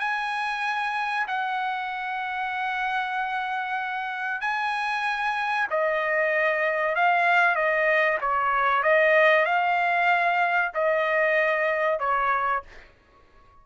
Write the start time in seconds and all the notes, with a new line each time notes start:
0.00 G#5
1.27 F#5
4.41 G#5
5.70 D#5
6.95 F5
7.55 D#5
8.21 C#5
8.83 D#5
9.45 F5
10.74 D#5
11.99 C#5